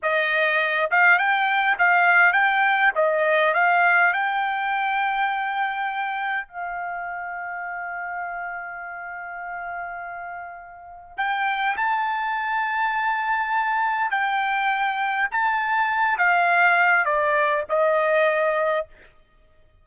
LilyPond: \new Staff \with { instrumentName = "trumpet" } { \time 4/4 \tempo 4 = 102 dis''4. f''8 g''4 f''4 | g''4 dis''4 f''4 g''4~ | g''2. f''4~ | f''1~ |
f''2. g''4 | a''1 | g''2 a''4. f''8~ | f''4 d''4 dis''2 | }